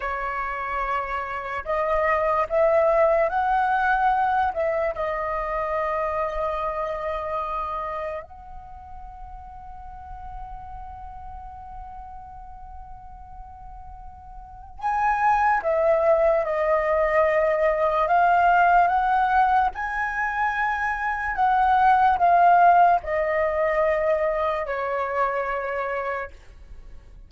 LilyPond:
\new Staff \with { instrumentName = "flute" } { \time 4/4 \tempo 4 = 73 cis''2 dis''4 e''4 | fis''4. e''8 dis''2~ | dis''2 fis''2~ | fis''1~ |
fis''2 gis''4 e''4 | dis''2 f''4 fis''4 | gis''2 fis''4 f''4 | dis''2 cis''2 | }